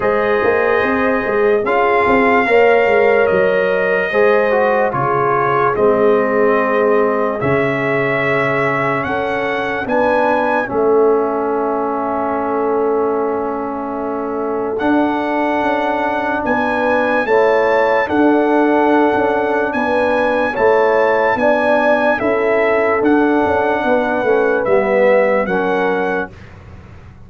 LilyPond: <<
  \new Staff \with { instrumentName = "trumpet" } { \time 4/4 \tempo 4 = 73 dis''2 f''2 | dis''2 cis''4 dis''4~ | dis''4 e''2 fis''4 | gis''4 e''2.~ |
e''2 fis''2 | gis''4 a''4 fis''2 | gis''4 a''4 gis''4 e''4 | fis''2 e''4 fis''4 | }
  \new Staff \with { instrumentName = "horn" } { \time 4/4 c''2 gis'4 cis''4~ | cis''4 c''4 gis'2~ | gis'2. a'4 | b'4 a'2.~ |
a'1 | b'4 cis''4 a'2 | b'4 cis''4 d''4 a'4~ | a'4 b'2 ais'4 | }
  \new Staff \with { instrumentName = "trombone" } { \time 4/4 gis'2 f'4 ais'4~ | ais'4 gis'8 fis'8 f'4 c'4~ | c'4 cis'2. | d'4 cis'2.~ |
cis'2 d'2~ | d'4 e'4 d'2~ | d'4 e'4 d'4 e'4 | d'4. cis'8 b4 cis'4 | }
  \new Staff \with { instrumentName = "tuba" } { \time 4/4 gis8 ais8 c'8 gis8 cis'8 c'8 ais8 gis8 | fis4 gis4 cis4 gis4~ | gis4 cis2 cis'4 | b4 a2.~ |
a2 d'4 cis'4 | b4 a4 d'4~ d'16 cis'8. | b4 a4 b4 cis'4 | d'8 cis'8 b8 a8 g4 fis4 | }
>>